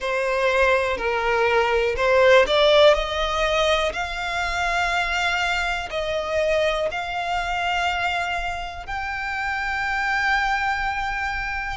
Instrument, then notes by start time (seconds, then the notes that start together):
violin
0.00 C5
0.97 A#4
1.96 C5
2.46 D5
2.93 D#5
3.92 F5
5.90 D#5
6.91 F5
8.86 G5